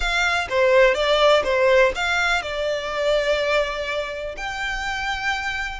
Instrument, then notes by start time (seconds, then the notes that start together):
violin
0.00 F5
0.49 C5
0.94 D5
1.44 C5
1.95 F5
2.42 D5
4.36 G5